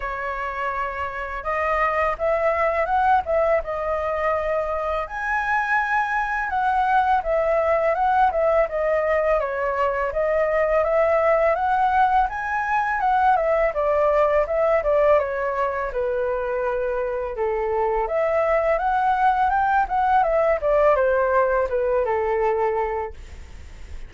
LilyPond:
\new Staff \with { instrumentName = "flute" } { \time 4/4 \tempo 4 = 83 cis''2 dis''4 e''4 | fis''8 e''8 dis''2 gis''4~ | gis''4 fis''4 e''4 fis''8 e''8 | dis''4 cis''4 dis''4 e''4 |
fis''4 gis''4 fis''8 e''8 d''4 | e''8 d''8 cis''4 b'2 | a'4 e''4 fis''4 g''8 fis''8 | e''8 d''8 c''4 b'8 a'4. | }